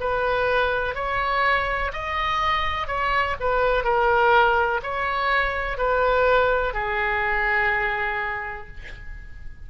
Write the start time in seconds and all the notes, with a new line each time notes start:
0.00 B4
0.95 C#5
1.93 D#5
2.87 C#5
3.40 B4
3.84 A#4
4.83 C#5
5.78 B4
6.73 G#4